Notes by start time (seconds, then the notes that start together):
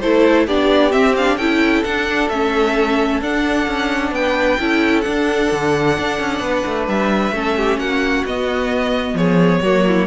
0.00 A3 E4 A4 C5
0.47 B3 D4 G4 D5
0.91 C4 E5
1.16 D4 F5
1.37 C#4 E4 A4 G5
1.84 D4 F#5
2.29 A3 C#4 E5
3.21 D4 F#5
3.67 C#4
4.11 B3 B4 G5
4.60 C#4 E4 A4
5.01 D4 F#5
5.52 D3
5.98 D4
6.20 C#4
6.40 B3 B4
6.66 A3
6.87 G3 E5
7.32 A3 C#4 A4
7.57 G4
7.78 A#3 F#4 F#5
8.25 B3 D#5
9.13 F3 G#4 C#5
9.62 F#3 A#3 F#4
9.87 E4